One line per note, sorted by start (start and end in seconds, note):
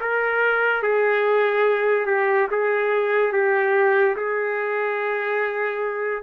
0.00 0.82 A#4
0.82 2.06 G#4
2.06 2.47 G4
2.50 3.32 G#4
3.32 4.16 G4
4.16 6.23 G#4